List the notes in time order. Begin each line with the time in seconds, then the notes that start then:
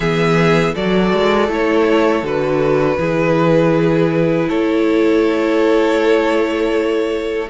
0.00 E3 B3 G#4 E5
0.73 F#3 F#4 A4 D5
1.12 G#3
1.48 A3 E4 C#5
2.22 D3 F#4 B4
2.98 E3 E4 G#4
4.48 A3 A4 C#5